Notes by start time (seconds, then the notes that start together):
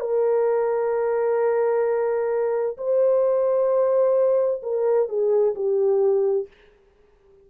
0.00 A#4
2.77 C5
4.62 A#4
5.09 G#4
5.55 G4